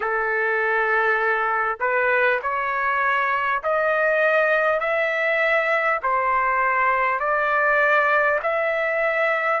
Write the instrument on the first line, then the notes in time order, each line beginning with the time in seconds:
trumpet
0.00 A4
1.80 B4
2.42 C#5
3.63 D#5
4.79 E5
6.02 C5
7.19 D5
8.43 E5